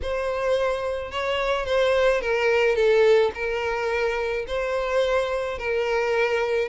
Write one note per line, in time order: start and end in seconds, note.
0.02 1.11 C5
1.11 1.65 C#5
1.65 2.21 C5
2.21 2.75 A#4
2.75 3.31 A4
3.34 4.45 A#4
4.47 5.58 C5
5.58 6.68 A#4